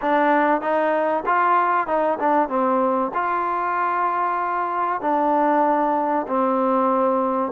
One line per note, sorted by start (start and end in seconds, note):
0.01 0.61 D4
0.61 1.23 D#4
1.26 1.87 F4
1.87 2.18 D#4
2.19 2.49 D4
2.49 3.11 C4
3.14 5.01 F4
5.01 6.26 D4
6.27 7.52 C4